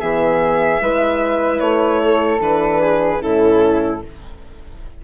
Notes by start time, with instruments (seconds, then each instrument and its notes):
0.00 bassoon E3, horn B3, flute G#4, violin E5
0.81 bassoon G#3, horn E4, flute B4
1.59 bassoon A3, violin C#5
2.04 flute A4
2.40 bassoon E3, horn D4, violin B4
2.81 flute G#4
3.19 bassoon A2, horn C#4, flute E4, violin A4